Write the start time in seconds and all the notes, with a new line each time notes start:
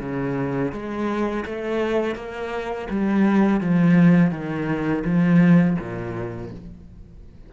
0.00 C#3
0.72 G#3
1.45 A3
2.15 A#3
2.90 G3
3.61 F3
4.31 D#3
5.05 F3
5.79 A#2